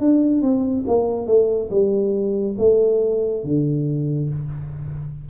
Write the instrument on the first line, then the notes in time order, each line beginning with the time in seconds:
tuba
0.00 D4
0.42 C4
0.87 A#3
1.27 A3
1.70 G3
2.59 A3
3.44 D3